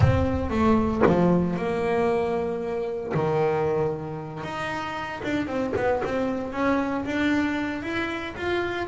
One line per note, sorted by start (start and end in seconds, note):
0.00 0.50 C4
0.50 1.02 A3
1.06 1.56 F3
1.56 3.13 A#3
3.14 4.43 D#3
4.43 5.22 D#4
5.23 5.47 D4
5.47 5.73 C4
5.76 6.02 B3
6.04 6.52 C4
6.52 7.04 C#4
7.05 7.82 D4
7.82 8.34 E4
8.36 8.87 F4